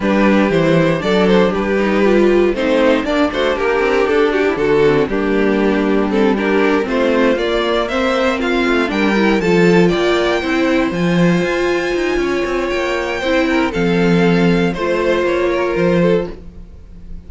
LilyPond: <<
  \new Staff \with { instrumentName = "violin" } { \time 4/4 \tempo 4 = 118 b'4 c''4 d''8 c''8 b'4~ | b'4 c''4 d''8 c''8 ais'4 | a'8 g'8 a'4 g'2 | a'8 ais'4 c''4 d''4 e''8~ |
e''8 f''4 g''4 a''4 g''8~ | g''4. gis''2~ gis''8~ | gis''4 g''2 f''4~ | f''4 c''4 cis''4 c''4 | }
  \new Staff \with { instrumentName = "violin" } { \time 4/4 g'2 a'4 g'4~ | g'4 c'4 d'8 fis'8 g'4~ | g'8 fis'16 e'16 fis'4 d'2~ | d'8 g'4 f'2 c''8~ |
c''8 f'4 ais'4 a'4 d''8~ | d''8 c''2.~ c''8 | cis''2 c''8 ais'8 a'4~ | a'4 c''4. ais'4 a'8 | }
  \new Staff \with { instrumentName = "viola" } { \time 4/4 d'4 e'4 d'4. dis'8 | f'4 dis'4 d'2~ | d'4. c'8 ais2 | c'8 d'4 c'4 ais4 c'8~ |
c'4. d'8 e'8 f'4.~ | f'8 e'4 f'2~ f'8~ | f'2 e'4 c'4~ | c'4 f'2. | }
  \new Staff \with { instrumentName = "cello" } { \time 4/4 g4 e4 fis4 g4~ | g4 a4 ais8 a8 ais8 c'8 | d'4 d4 g2~ | g4. a4 ais4.~ |
ais4 a8 g4 f4 ais8~ | ais8 c'4 f4 f'4 dis'8 | cis'8 c'8 ais4 c'4 f4~ | f4 a4 ais4 f4 | }
>>